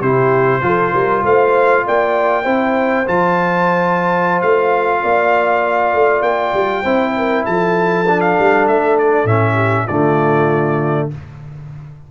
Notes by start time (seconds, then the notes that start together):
0.00 C3 E4 G4 C5
0.62 F3 F4 A4
0.93 G3 A#4
1.24 A3 C5 F5
1.86 A#3 D5 G5
2.43 C4 E4 C5
3.06 F3 F4 A5
4.42 A3 F5
5.02 A#3 D5
5.94 A3
6.22 A#3 G5
6.54 G3
6.82 C4 E4 C5
7.17 A#4
7.45 F3 A4 A5
8.08 D4
8.21 F5
8.39 G3
8.67 A3 E5
8.98 D5
9.25 A2 C#4 E5
9.54 G4
9.86 D3 A3 F4 D5